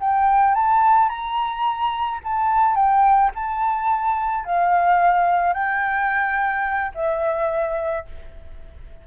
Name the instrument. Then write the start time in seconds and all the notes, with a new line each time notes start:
flute
0.00 G5
0.54 A5
1.09 A#5
2.23 A5
2.75 G5
3.35 A5
4.45 F5
5.53 G5
6.94 E5